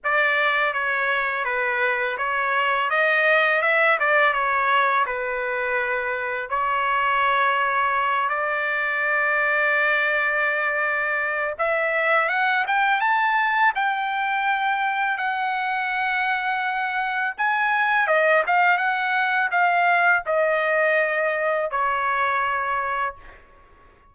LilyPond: \new Staff \with { instrumentName = "trumpet" } { \time 4/4 \tempo 4 = 83 d''4 cis''4 b'4 cis''4 | dis''4 e''8 d''8 cis''4 b'4~ | b'4 cis''2~ cis''8 d''8~ | d''1 |
e''4 fis''8 g''8 a''4 g''4~ | g''4 fis''2. | gis''4 dis''8 f''8 fis''4 f''4 | dis''2 cis''2 | }